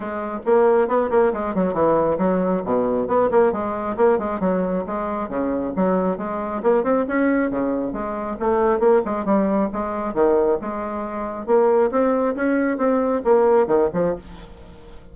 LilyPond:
\new Staff \with { instrumentName = "bassoon" } { \time 4/4 \tempo 4 = 136 gis4 ais4 b8 ais8 gis8 fis8 | e4 fis4 b,4 b8 ais8 | gis4 ais8 gis8 fis4 gis4 | cis4 fis4 gis4 ais8 c'8 |
cis'4 cis4 gis4 a4 | ais8 gis8 g4 gis4 dis4 | gis2 ais4 c'4 | cis'4 c'4 ais4 dis8 f8 | }